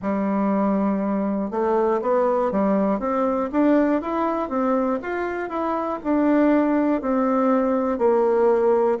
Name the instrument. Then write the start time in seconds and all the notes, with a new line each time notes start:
bassoon
0.02 G3
1.50 A3
2.01 B3
2.51 G3
2.99 C4
3.51 D4
4.01 E4
4.49 C4
5.01 F4
5.49 E4
6.03 D4
7.01 C4
7.98 A#3